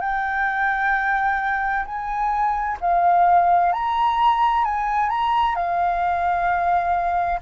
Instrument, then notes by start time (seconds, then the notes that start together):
flute
0.00 G5
1.85 G#5
2.81 F5
3.72 A#5
4.64 G#5
5.09 A#5
5.55 F5